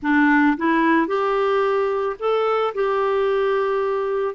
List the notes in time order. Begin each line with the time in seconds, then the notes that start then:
0.02 D4
0.57 E4
1.07 G4
2.19 A4
2.74 G4